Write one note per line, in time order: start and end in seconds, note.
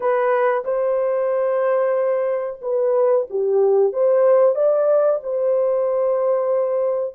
0.00 0.63 B4
0.64 2.59 C5
2.61 3.26 B4
3.30 3.92 G4
3.92 4.55 C5
4.55 5.20 D5
5.23 7.14 C5